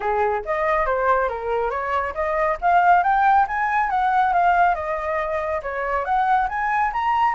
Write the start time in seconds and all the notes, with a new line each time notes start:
0.00 G#4
0.45 D#5
0.86 C5
1.28 A#4
1.70 C#5
2.14 D#5
2.61 F5
3.03 G5
3.47 G#5
3.89 F#5
4.33 F5
4.75 D#5
5.62 C#5
6.04 F#5
6.48 G#5
6.92 A#5